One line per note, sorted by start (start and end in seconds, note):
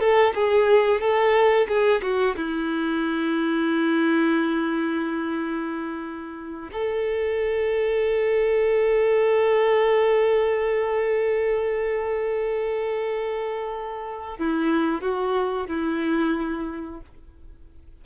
0.00 0.33 A4
0.35 1.01 G#4
1.01 1.67 A4
1.68 2.02 G#4
2.02 2.36 F#4
2.36 6.70 E4
6.72 14.38 A4
14.38 15.01 E4
15.01 15.68 F#4
15.68 17.01 E4